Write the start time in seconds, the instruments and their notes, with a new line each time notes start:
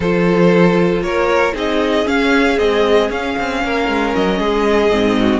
0.00 cello F3, viola F4, violin A4 C5
1.01 cello A#3, violin A#4 C#5
1.53 cello C4, viola D#4, violin G#4 D#5
2.05 viola C#4, cello C#4, violin F5
2.58 viola G#3, cello C4, violin D#5
3.09 cello C#4, viola C#4, violin F5
3.38 cello C4
3.64 cello A#3, violin A#4
3.87 cello G#3
4.15 cello F#3, violin D#5
4.39 cello G#3, violin G#4
4.89 cello G#2, viola C4
5.19 violin F#4